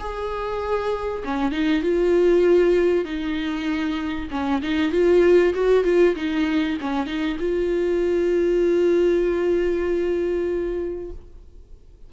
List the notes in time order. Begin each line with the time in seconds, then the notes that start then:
0.00 G#4
1.25 C#4
1.52 D#4
1.83 F4
3.05 D#4
4.31 C#4
4.63 D#4
4.92 F4
5.54 F#4
5.85 F4
6.16 D#4
6.81 C#4
7.07 D#4
7.40 F4